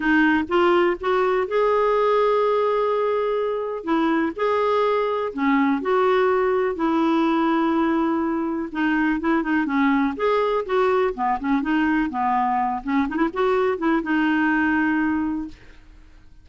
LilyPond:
\new Staff \with { instrumentName = "clarinet" } { \time 4/4 \tempo 4 = 124 dis'4 f'4 fis'4 gis'4~ | gis'1 | e'4 gis'2 cis'4 | fis'2 e'2~ |
e'2 dis'4 e'8 dis'8 | cis'4 gis'4 fis'4 b8 cis'8 | dis'4 b4. cis'8 dis'16 e'16 fis'8~ | fis'8 e'8 dis'2. | }